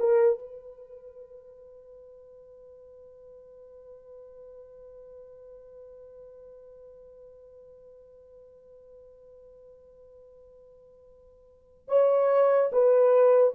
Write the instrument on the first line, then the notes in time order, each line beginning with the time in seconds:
horn
0.00 A#4
0.40 B4
11.88 C#5
12.72 B4